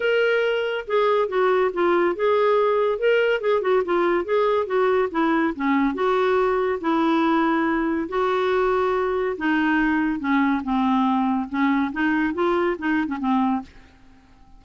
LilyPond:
\new Staff \with { instrumentName = "clarinet" } { \time 4/4 \tempo 4 = 141 ais'2 gis'4 fis'4 | f'4 gis'2 ais'4 | gis'8 fis'8 f'4 gis'4 fis'4 | e'4 cis'4 fis'2 |
e'2. fis'4~ | fis'2 dis'2 | cis'4 c'2 cis'4 | dis'4 f'4 dis'8. cis'16 c'4 | }